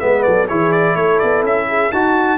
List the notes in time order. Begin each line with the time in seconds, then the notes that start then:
0.00 G#3 B3 B4 E5
0.23 F#3 A4 D5
0.48 E3 E4 G#4 C#5
0.72 D5
0.96 A3 A4 C#5
1.19 B3 D5
1.43 C#4 E5
1.68 G#4
1.91 D#4 F#4 A5